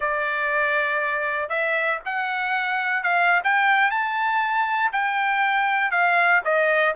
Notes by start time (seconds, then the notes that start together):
0.00 D5
1.49 E5
2.05 F#5
3.03 F5
3.44 G5
3.91 A5
4.92 G5
5.91 F5
6.44 D#5